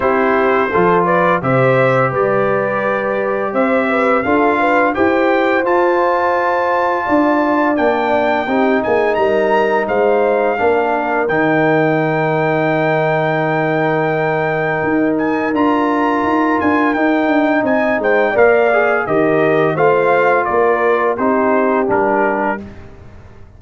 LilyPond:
<<
  \new Staff \with { instrumentName = "trumpet" } { \time 4/4 \tempo 4 = 85 c''4. d''8 e''4 d''4~ | d''4 e''4 f''4 g''4 | a''2. g''4~ | g''8 gis''8 ais''4 f''2 |
g''1~ | g''4. gis''8 ais''4. gis''8 | g''4 gis''8 g''8 f''4 dis''4 | f''4 d''4 c''4 ais'4 | }
  \new Staff \with { instrumentName = "horn" } { \time 4/4 g'4 a'8 b'8 c''4 b'4~ | b'4 c''8 b'8 a'8 b'8 c''4~ | c''2 d''2 | g'8 gis'8 ais'4 c''4 ais'4~ |
ais'1~ | ais'1~ | ais'4 dis''8 c''8 d''4 ais'4 | c''4 ais'4 g'2 | }
  \new Staff \with { instrumentName = "trombone" } { \time 4/4 e'4 f'4 g'2~ | g'2 f'4 g'4 | f'2. d'4 | dis'2. d'4 |
dis'1~ | dis'2 f'2 | dis'2 ais'8 gis'8 g'4 | f'2 dis'4 d'4 | }
  \new Staff \with { instrumentName = "tuba" } { \time 4/4 c'4 f4 c4 g4~ | g4 c'4 d'4 e'4 | f'2 d'4 ais4 | c'8 ais8 g4 gis4 ais4 |
dis1~ | dis4 dis'4 d'4 dis'8 d'8 | dis'8 d'8 c'8 gis8 ais4 dis4 | a4 ais4 c'4 g4 | }
>>